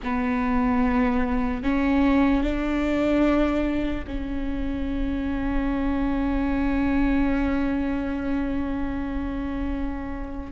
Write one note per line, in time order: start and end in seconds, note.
0.03 1.63 B3
1.63 2.43 C#4
2.43 4.05 D4
4.07 10.52 C#4